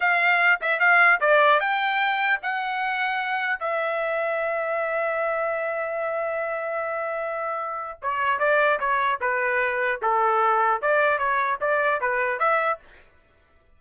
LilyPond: \new Staff \with { instrumentName = "trumpet" } { \time 4/4 \tempo 4 = 150 f''4. e''8 f''4 d''4 | g''2 fis''2~ | fis''4 e''2.~ | e''1~ |
e''1 | cis''4 d''4 cis''4 b'4~ | b'4 a'2 d''4 | cis''4 d''4 b'4 e''4 | }